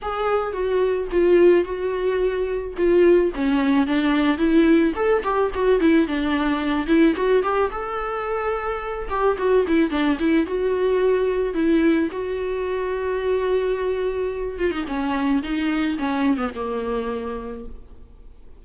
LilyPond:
\new Staff \with { instrumentName = "viola" } { \time 4/4 \tempo 4 = 109 gis'4 fis'4 f'4 fis'4~ | fis'4 f'4 cis'4 d'4 | e'4 a'8 g'8 fis'8 e'8 d'4~ | d'8 e'8 fis'8 g'8 a'2~ |
a'8 g'8 fis'8 e'8 d'8 e'8 fis'4~ | fis'4 e'4 fis'2~ | fis'2~ fis'8 f'16 dis'16 cis'4 | dis'4 cis'8. b16 ais2 | }